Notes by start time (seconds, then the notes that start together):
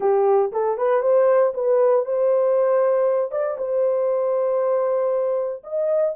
0.00 G4
0.52 A4
0.77 B4
1.01 C5
1.54 B4
2.05 C5
3.31 D5
3.58 C5
5.63 D#5